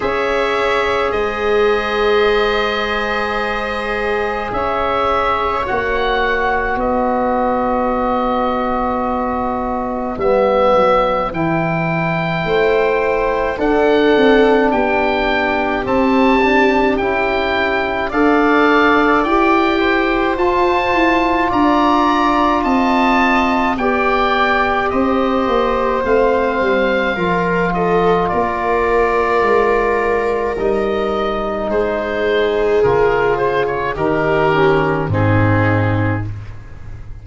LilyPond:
<<
  \new Staff \with { instrumentName = "oboe" } { \time 4/4 \tempo 4 = 53 e''4 dis''2. | e''4 fis''4 dis''2~ | dis''4 e''4 g''2 | fis''4 g''4 a''4 g''4 |
f''4 g''4 a''4 ais''4 | a''4 g''4 dis''4 f''4~ | f''8 dis''8 d''2 dis''4 | c''4 ais'8 c''16 cis''16 ais'4 gis'4 | }
  \new Staff \with { instrumentName = "viola" } { \time 4/4 cis''4 c''2. | cis''2 b'2~ | b'2. c''4 | a'4 g'2. |
d''4. c''4. d''4 | dis''4 d''4 c''2 | ais'8 a'8 ais'2. | gis'2 g'4 dis'4 | }
  \new Staff \with { instrumentName = "trombone" } { \time 4/4 gis'1~ | gis'4 fis'2.~ | fis'4 b4 e'2 | d'2 c'8 d'8 e'4 |
a'4 g'4 f'2~ | f'4 g'2 c'4 | f'2. dis'4~ | dis'4 f'4 dis'8 cis'8 c'4 | }
  \new Staff \with { instrumentName = "tuba" } { \time 4/4 cis'4 gis2. | cis'4 ais4 b2~ | b4 g8 fis8 e4 a4 | d'8 c'8 b4 c'4 cis'4 |
d'4 e'4 f'8 e'8 d'4 | c'4 b4 c'8 ais8 a8 g8 | f4 ais4 gis4 g4 | gis4 cis4 dis4 gis,4 | }
>>